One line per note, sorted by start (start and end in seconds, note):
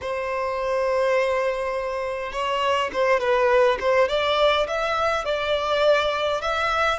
0.01 2.32 C5
2.32 2.90 C#5
2.93 3.19 C5
3.19 3.78 B4
3.79 4.08 C5
4.08 4.66 D5
4.67 5.24 E5
5.24 6.41 D5
6.41 6.99 E5